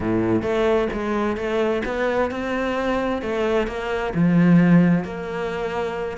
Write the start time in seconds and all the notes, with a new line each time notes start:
0.00 A2
0.42 A3
0.92 G#3
1.36 A3
1.85 B3
2.30 C4
3.22 A3
3.67 A#3
4.14 F3
5.04 A#3